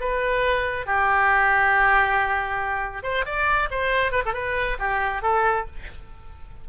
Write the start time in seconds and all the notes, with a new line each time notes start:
0.00 B4
0.86 G4
3.03 C5
3.25 D5
3.70 C5
4.12 B4
4.25 A4
4.33 B4
4.79 G4
5.22 A4